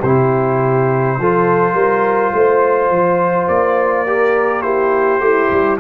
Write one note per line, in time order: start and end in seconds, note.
0.00 1.18 C3
0.00 1.20 E4
0.00 1.15 G4
0.00 3.48 C5
1.18 1.74 F3
1.18 4.06 F4
1.18 1.73 A4
1.73 2.31 G3
1.73 2.31 A#4
2.33 2.90 A3
2.33 4.08 C5
2.90 3.48 F3
3.48 5.20 A#3
3.48 4.62 D5
4.06 4.63 G4
4.06 4.65 A#4
4.62 5.20 E4
4.62 5.23 G4
4.62 5.77 C5
5.20 5.49 A3
5.20 5.80 E4
5.20 5.78 G4
5.51 5.80 G3